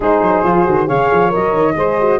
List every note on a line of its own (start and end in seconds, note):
0.00 0.21 G#3
0.00 0.44 D#4
0.00 0.86 G#4
0.00 0.88 C5
0.21 0.43 F#3
0.44 0.66 F3
0.44 0.64 F4
0.64 0.88 D#3
0.64 0.86 F#4
0.86 1.10 C#3
0.86 1.29 G#4
0.86 1.74 C#5
0.86 1.32 F5
1.11 1.33 F3
1.29 1.53 F#3
1.29 1.73 A#4
1.29 2.19 D#5
1.53 1.74 D#3
1.75 2.19 G#3
1.75 2.00 G#4
1.75 2.19 C5
2.00 2.19 F#4